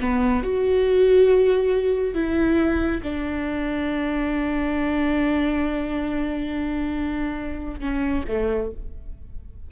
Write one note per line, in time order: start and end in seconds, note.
0.00 0.43 B3
0.43 2.14 F#4
2.14 3.01 E4
3.03 7.80 D4
7.80 8.24 C#4
8.27 8.71 A3